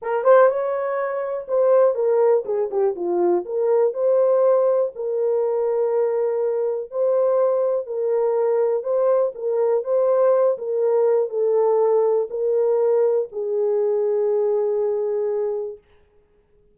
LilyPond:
\new Staff \with { instrumentName = "horn" } { \time 4/4 \tempo 4 = 122 ais'8 c''8 cis''2 c''4 | ais'4 gis'8 g'8 f'4 ais'4 | c''2 ais'2~ | ais'2 c''2 |
ais'2 c''4 ais'4 | c''4. ais'4. a'4~ | a'4 ais'2 gis'4~ | gis'1 | }